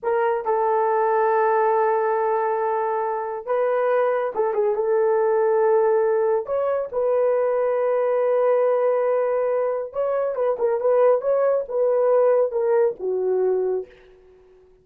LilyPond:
\new Staff \with { instrumentName = "horn" } { \time 4/4 \tempo 4 = 139 ais'4 a'2.~ | a'1 | b'2 a'8 gis'8 a'4~ | a'2. cis''4 |
b'1~ | b'2. cis''4 | b'8 ais'8 b'4 cis''4 b'4~ | b'4 ais'4 fis'2 | }